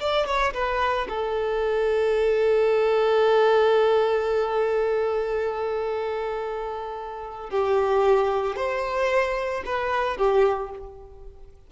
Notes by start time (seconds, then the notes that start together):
0.00 D5
0.27 C#5
0.54 B4
1.09 A4
7.50 G4
8.56 C5
9.66 B4
10.17 G4